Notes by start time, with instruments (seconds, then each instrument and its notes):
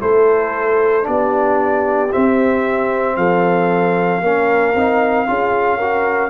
0.00 tuba A3, trombone E4, horn A4, trumpet C5
1.03 tuba B3, trombone D4, horn G4, trumpet D5
2.12 trombone C4, tuba C4, trumpet E5
3.17 tuba F3, horn A4, trumpet F5
4.22 tuba A#3, trombone C#4, horn A#4
4.75 tuba C4, trombone D#4
5.27 tuba C#4, trombone F4, horn G#4
5.78 trombone F#4, horn A#4